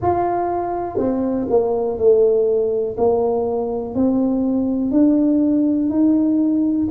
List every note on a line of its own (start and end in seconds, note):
0.01 0.97 F4
0.97 1.46 C4
1.49 1.98 A#3
1.98 2.96 A3
2.97 3.94 A#3
3.94 4.91 C4
4.91 5.89 D4
5.89 6.88 D#4